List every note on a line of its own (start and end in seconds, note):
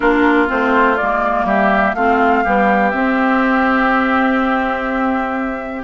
0.00 0.49 A#3
0.00 0.47 D4
0.00 1.45 F4
0.00 0.48 A#4
0.47 1.00 A3
0.47 0.96 C4
0.47 0.97 C5
0.97 1.44 G#3
0.97 1.97 A#3
0.97 1.45 D5
1.44 1.93 G3
1.44 1.95 G4
1.44 1.94 E5
1.94 2.43 A3
1.94 2.44 C4
1.94 2.44 F4
1.94 2.90 F5
2.44 2.93 G3
2.44 2.93 B3
2.44 5.84 G4
2.90 5.84 C4
2.90 5.83 E5